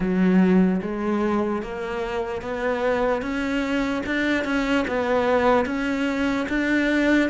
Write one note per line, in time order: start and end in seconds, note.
0.00 0.81 F#3
0.81 1.62 G#3
1.62 2.41 A#3
2.41 3.21 B3
3.21 4.02 C#4
4.05 4.44 D4
4.44 4.85 C#4
4.87 5.65 B3
5.65 6.46 C#4
6.49 7.29 D4